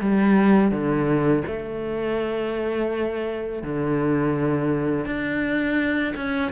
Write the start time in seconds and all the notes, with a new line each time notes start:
0.00 G3
0.71 D3
1.47 A3
3.62 D3
5.05 D4
6.15 C#4